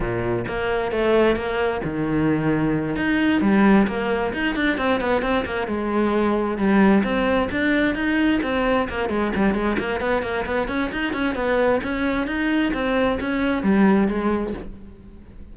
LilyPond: \new Staff \with { instrumentName = "cello" } { \time 4/4 \tempo 4 = 132 ais,4 ais4 a4 ais4 | dis2~ dis8 dis'4 g8~ | g8 ais4 dis'8 d'8 c'8 b8 c'8 | ais8 gis2 g4 c'8~ |
c'8 d'4 dis'4 c'4 ais8 | gis8 g8 gis8 ais8 b8 ais8 b8 cis'8 | dis'8 cis'8 b4 cis'4 dis'4 | c'4 cis'4 g4 gis4 | }